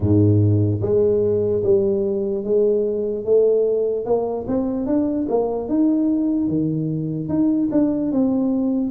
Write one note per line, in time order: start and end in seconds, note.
0.00 0.80 G#2
0.81 1.62 G#3
1.63 2.44 G3
2.44 3.24 G#3
3.24 4.05 A3
4.05 4.46 A#3
4.47 4.86 C4
4.86 5.27 D4
5.28 5.68 A#3
5.68 6.48 D#4
6.48 7.28 D#3
7.28 7.69 D#4
7.71 8.12 D4
8.12 8.90 C4